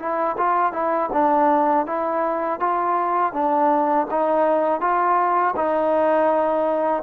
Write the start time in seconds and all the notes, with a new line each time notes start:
0.00 E4
0.38 F4
0.73 E4
1.13 D4
1.87 E4
2.60 F4
3.33 D4
4.11 D#4
4.81 F4
5.57 D#4